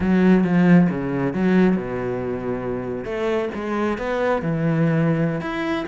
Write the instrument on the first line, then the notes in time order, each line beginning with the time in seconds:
cello
0.00 F#3
0.44 F3
0.90 C#3
1.33 F#3
1.76 B2
3.04 A3
3.54 G#3
3.97 B3
4.42 E3
5.40 E4